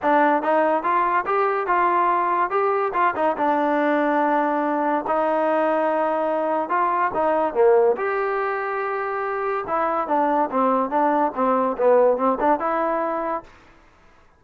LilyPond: \new Staff \with { instrumentName = "trombone" } { \time 4/4 \tempo 4 = 143 d'4 dis'4 f'4 g'4 | f'2 g'4 f'8 dis'8 | d'1 | dis'1 |
f'4 dis'4 ais4 g'4~ | g'2. e'4 | d'4 c'4 d'4 c'4 | b4 c'8 d'8 e'2 | }